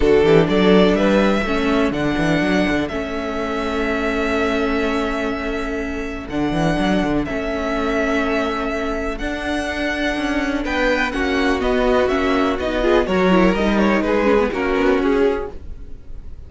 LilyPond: <<
  \new Staff \with { instrumentName = "violin" } { \time 4/4 \tempo 4 = 124 a'4 d''4 e''2 | fis''2 e''2~ | e''1~ | e''4 fis''2 e''4~ |
e''2. fis''4~ | fis''2 g''4 fis''4 | dis''4 e''4 dis''4 cis''4 | dis''8 cis''8 b'4 ais'4 gis'4 | }
  \new Staff \with { instrumentName = "violin" } { \time 4/4 fis'8 g'8 a'4 b'4 a'4~ | a'1~ | a'1~ | a'1~ |
a'1~ | a'2 b'4 fis'4~ | fis'2~ fis'8 gis'8 ais'4~ | ais'4 gis'4 fis'2 | }
  \new Staff \with { instrumentName = "viola" } { \time 4/4 d'2. cis'4 | d'2 cis'2~ | cis'1~ | cis'4 d'2 cis'4~ |
cis'2. d'4~ | d'2. cis'4 | b4 cis'4 dis'8 f'8 fis'8 e'8 | dis'4. cis'16 b16 cis'2 | }
  \new Staff \with { instrumentName = "cello" } { \time 4/4 d8 e8 fis4 g4 a4 | d8 e8 fis8 d8 a2~ | a1~ | a4 d8 e8 fis8 d8 a4~ |
a2. d'4~ | d'4 cis'4 b4 ais4 | b4 ais4 b4 fis4 | g4 gis4 ais8 b8 cis'4 | }
>>